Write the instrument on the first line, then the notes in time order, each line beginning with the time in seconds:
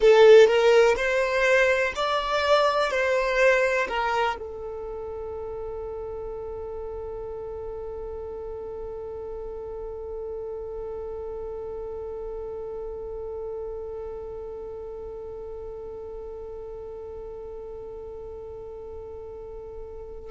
violin
0.00 A4
0.47 A#4
0.96 C5
1.95 D5
2.90 C5
3.88 A#4
4.39 A4